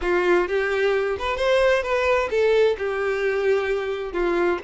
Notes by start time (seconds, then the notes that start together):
0.01 F4
0.48 G4
1.18 B4
1.36 C5
1.83 B4
2.30 A4
2.77 G4
4.12 F4